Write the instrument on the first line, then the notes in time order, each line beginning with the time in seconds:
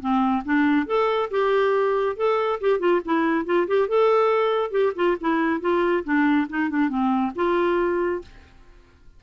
clarinet
0.00 C4
0.45 D4
0.86 A4
1.30 G4
2.16 A4
2.61 G4
2.79 F4
3.05 E4
3.46 F4
3.67 G4
3.88 A4
4.71 G4
4.96 F4
5.21 E4
5.61 F4
6.04 D4
6.49 D#4
6.70 D4
6.89 C4
7.36 F4